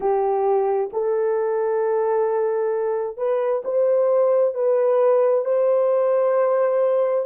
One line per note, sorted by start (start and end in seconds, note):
0.00 0.90 G4
0.93 3.17 A4
3.17 3.62 B4
3.64 4.54 C5
4.54 5.44 B4
5.44 7.25 C5